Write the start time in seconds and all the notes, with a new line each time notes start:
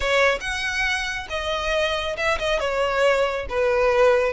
0.00 C#5
0.40 F#5
1.29 D#5
2.16 E5
2.38 D#5
2.59 C#5
3.49 B4